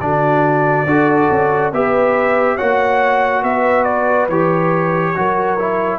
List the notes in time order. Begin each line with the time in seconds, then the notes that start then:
0.00 D3 D4 F#4 D5
0.85 D4 F#4 A4
1.31 C#4
1.72 B3 G4 B4 E5
2.55 A#3 F#4 C#5 F#5
3.42 B3 B4 E5
3.84 D5
4.28 E3 G4 C#5
5.15 F#3 F#4 A#4
5.59 E4